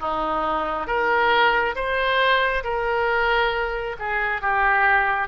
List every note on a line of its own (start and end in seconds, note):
0.00 0.87 D#4
0.87 1.75 A#4
1.76 2.64 C5
2.64 3.96 A#4
3.99 4.42 G#4
4.42 5.28 G4